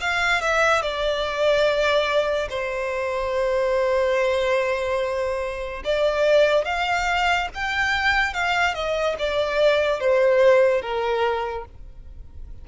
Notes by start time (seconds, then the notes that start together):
0.00 F5
0.41 E5
0.81 D5
2.49 C5
5.84 D5
6.64 F5
7.54 G5
8.33 F5
8.74 D#5
9.19 D5
10.00 C5
10.81 A#4